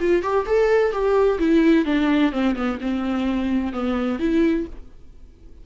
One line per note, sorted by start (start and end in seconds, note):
0.00 0.22 F4
0.22 0.46 G4
0.46 0.92 A4
0.92 1.39 G4
1.39 1.85 E4
1.85 2.32 D4
2.32 2.56 C4
2.56 2.79 B3
2.81 3.73 C4
3.73 4.19 B3
4.19 4.66 E4